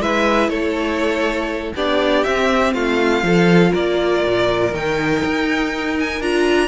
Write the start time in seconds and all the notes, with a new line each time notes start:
0.00 G#3 E4 B4 E5
0.48 A3 A4 C#5
1.75 B3 D4 G4 D5
2.23 C4 E5
2.74 A3 F4 F5
3.23 F3 F4 A4
3.72 A#3 A#4 D5
4.25 A#2
4.73 D#3 D#4 G5
5.24 D#4
5.99 G#5
6.21 D4 F4 A#5